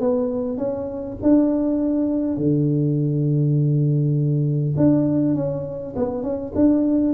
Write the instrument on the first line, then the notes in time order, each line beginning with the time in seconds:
tuba
0.00 B3
0.58 C#4
1.22 D4
2.37 D3
4.77 D4
5.35 C#4
5.96 B3
6.22 C#4
6.55 D4